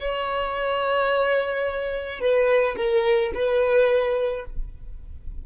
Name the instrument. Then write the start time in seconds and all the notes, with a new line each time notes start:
violin
0.00 C#5
2.20 B4
2.77 A#4
3.34 B4